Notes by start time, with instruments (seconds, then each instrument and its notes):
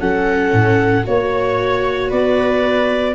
0.00 tuba F#3, viola C#4 A4, clarinet F#5
0.53 tuba A2
1.04 tuba A#3, viola F#4 C#5, clarinet C#5
2.09 tuba B3, viola B4, clarinet D5